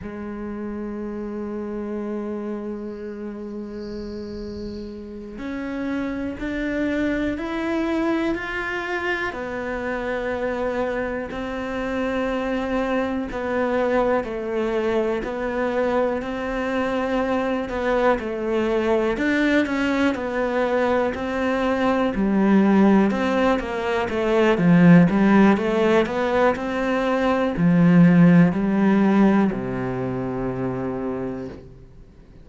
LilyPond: \new Staff \with { instrumentName = "cello" } { \time 4/4 \tempo 4 = 61 gis1~ | gis4. cis'4 d'4 e'8~ | e'8 f'4 b2 c'8~ | c'4. b4 a4 b8~ |
b8 c'4. b8 a4 d'8 | cis'8 b4 c'4 g4 c'8 | ais8 a8 f8 g8 a8 b8 c'4 | f4 g4 c2 | }